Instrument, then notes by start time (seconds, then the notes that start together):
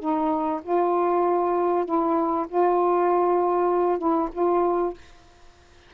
saxophone
0.00 D#4
0.63 F4
1.86 E4
2.49 F4
3.99 E4
4.33 F4